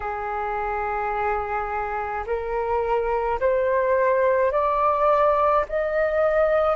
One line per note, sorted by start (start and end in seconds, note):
0.00 2.24 G#4
2.26 3.39 A#4
3.40 4.51 C5
4.51 5.64 D5
5.69 6.76 D#5